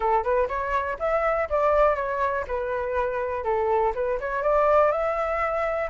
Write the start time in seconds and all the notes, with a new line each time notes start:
0.00 A4
0.23 B4
0.48 C#5
0.99 E5
1.49 D5
1.95 C#5
2.47 B4
3.44 A4
3.94 B4
4.20 C#5
4.42 D5
4.91 E5